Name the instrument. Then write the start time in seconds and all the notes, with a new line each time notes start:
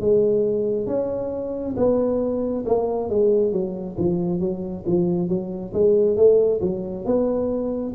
tuba
0.00 G#3
0.86 C#4
1.76 B3
2.66 A#3
3.09 G#3
3.52 F#3
3.97 F3
4.40 F#3
4.86 F3
5.28 F#3
5.74 G#3
6.16 A3
6.61 F#3
7.05 B3